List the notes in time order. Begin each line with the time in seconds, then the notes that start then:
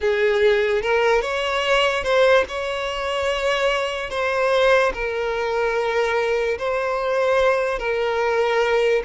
0.00 G#4
0.82 A#4
1.21 C#5
2.03 C5
2.48 C#5
4.10 C5
4.93 A#4
6.58 C5
7.79 A#4